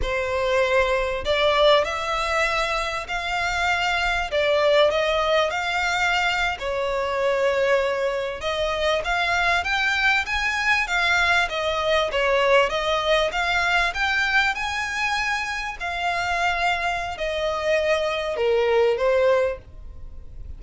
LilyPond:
\new Staff \with { instrumentName = "violin" } { \time 4/4 \tempo 4 = 98 c''2 d''4 e''4~ | e''4 f''2 d''4 | dis''4 f''4.~ f''16 cis''4~ cis''16~ | cis''4.~ cis''16 dis''4 f''4 g''16~ |
g''8. gis''4 f''4 dis''4 cis''16~ | cis''8. dis''4 f''4 g''4 gis''16~ | gis''4.~ gis''16 f''2~ f''16 | dis''2 ais'4 c''4 | }